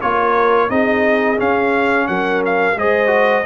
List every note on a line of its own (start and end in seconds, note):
0.00 0.70 A#3
0.00 0.69 F4
0.00 0.69 A#4
0.00 0.70 C#5
0.69 1.39 C4
0.69 1.37 D#4
0.69 2.08 G#4
0.69 1.39 D#5
1.37 2.75 C#4
1.37 2.08 C#4
1.37 2.07 F5
2.07 2.75 F#3
2.07 2.78 A#4
2.07 2.42 F#5
2.45 2.78 F5
2.75 3.44 G#3
2.75 3.07 G#4
2.75 3.45 C5
2.75 3.45 D#5
3.07 3.41 F#4